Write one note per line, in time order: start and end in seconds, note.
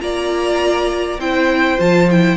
0.00 1.18 A#3
0.00 1.19 F4
0.00 1.20 D5
0.00 1.20 A#5
1.18 1.78 C4
1.18 1.78 E4
1.18 2.37 C5
1.18 1.80 G5
1.78 2.37 F3
1.78 2.08 F4
1.78 2.10 A5
2.11 2.37 E4
2.11 2.37 G5